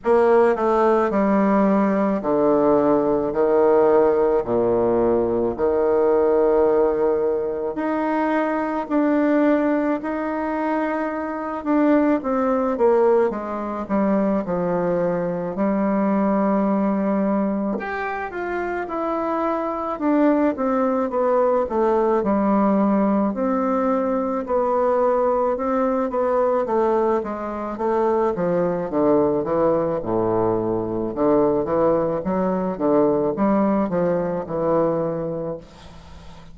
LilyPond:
\new Staff \with { instrumentName = "bassoon" } { \time 4/4 \tempo 4 = 54 ais8 a8 g4 d4 dis4 | ais,4 dis2 dis'4 | d'4 dis'4. d'8 c'8 ais8 | gis8 g8 f4 g2 |
g'8 f'8 e'4 d'8 c'8 b8 a8 | g4 c'4 b4 c'8 b8 | a8 gis8 a8 f8 d8 e8 a,4 | d8 e8 fis8 d8 g8 f8 e4 | }